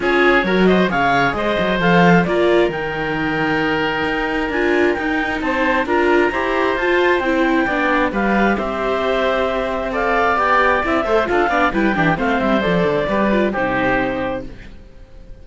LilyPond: <<
  \new Staff \with { instrumentName = "clarinet" } { \time 4/4 \tempo 4 = 133 cis''4. dis''8 f''4 dis''4 | f''4 d''4 g''2~ | g''2 gis''4 g''4 | a''4 ais''2 a''4 |
g''2 f''4 e''4~ | e''2 f''4 g''4 | e''4 f''4 g''4 f''8 e''8 | d''2 c''2 | }
  \new Staff \with { instrumentName = "oboe" } { \time 4/4 gis'4 ais'8 c''8 cis''4 c''4~ | c''4 ais'2.~ | ais'1 | c''4 ais'4 c''2~ |
c''4 d''4 b'4 c''4~ | c''2 d''2~ | d''8 c''8 a'8 d''8 b'8 g'8 c''4~ | c''4 b'4 g'2 | }
  \new Staff \with { instrumentName = "viola" } { \time 4/4 f'4 fis'4 gis'2 | a'4 f'4 dis'2~ | dis'2 f'4 dis'4~ | dis'4 f'4 g'4 f'4 |
e'4 d'4 g'2~ | g'2 a'4 g'4 | e'8 a'8 f'8 d'8 e'8 d'8 c'4 | a'4 g'8 f'8 dis'2 | }
  \new Staff \with { instrumentName = "cello" } { \time 4/4 cis'4 fis4 cis4 gis8 fis8 | f4 ais4 dis2~ | dis4 dis'4 d'4 dis'4 | c'4 d'4 e'4 f'4 |
c'4 b4 g4 c'4~ | c'2. b4 | c'8 a8 d'8 b8 g8 e8 a8 g8 | f8 d8 g4 c2 | }
>>